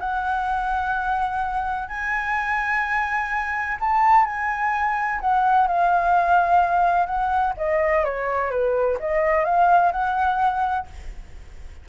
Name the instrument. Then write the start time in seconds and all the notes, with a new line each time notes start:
flute
0.00 F#5
1.89 G#5
3.81 A5
4.26 G#5
5.21 F#5
5.68 F5
7.07 F#5
7.57 D#5
8.05 C#5
8.51 B4
9.00 D#5
9.45 F5
9.92 F#5